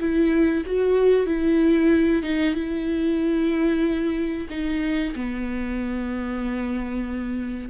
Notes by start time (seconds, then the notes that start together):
0.00 E4
0.66 F#4
1.27 E4
2.23 D#4
2.55 E4
4.50 D#4
5.16 B3